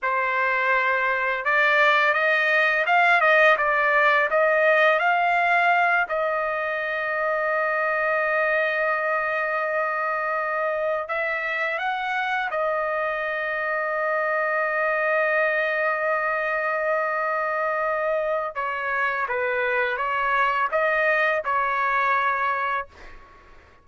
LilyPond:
\new Staff \with { instrumentName = "trumpet" } { \time 4/4 \tempo 4 = 84 c''2 d''4 dis''4 | f''8 dis''8 d''4 dis''4 f''4~ | f''8 dis''2.~ dis''8~ | dis''2.~ dis''8 e''8~ |
e''8 fis''4 dis''2~ dis''8~ | dis''1~ | dis''2 cis''4 b'4 | cis''4 dis''4 cis''2 | }